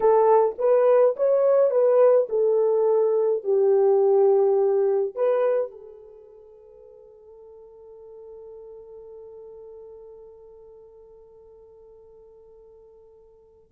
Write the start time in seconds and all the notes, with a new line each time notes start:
0.00 A4
0.58 B4
1.16 C#5
1.70 B4
2.29 A4
3.43 G4
5.15 B4
5.71 A4